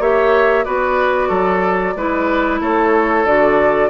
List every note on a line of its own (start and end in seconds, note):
0.00 0.65 A#3
0.00 0.65 G4
0.00 0.65 C#5
0.00 0.65 E5
0.65 1.30 B3
0.65 1.96 F#4
0.65 1.29 B4
0.65 2.60 D5
1.29 1.95 F#3
1.29 1.94 A4
1.96 2.61 G#3
1.96 3.27 E4
1.96 2.61 B4
2.61 3.25 A3
2.61 3.90 A4
2.61 3.26 C#5
3.25 3.90 D3
3.25 3.90 F#4
3.25 3.90 D5